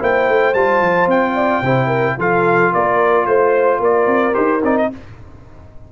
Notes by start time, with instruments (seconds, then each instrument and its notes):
0.00 tuba A#3, trombone E4, horn C5, trumpet G5
0.29 tuba A3
0.54 tuba G3, trombone F4, trumpet A5
0.82 tuba F3
1.07 tuba C4, trumpet G5
1.36 horn D5
1.62 tuba C3, trombone E4, horn C5
1.87 horn A#4
2.18 tuba F3, trombone F4, horn A4, trumpet F5
2.74 tuba A#3, horn A#4, trumpet D5
3.26 tuba A3, trumpet C5, horn C5
3.80 tuba A#3, horn A#4, trumpet D5
4.07 tuba C4
4.33 tuba D#4, trombone G4, trumpet C5
4.64 tuba C4, trombone D#4, trumpet D5
4.78 trumpet D#5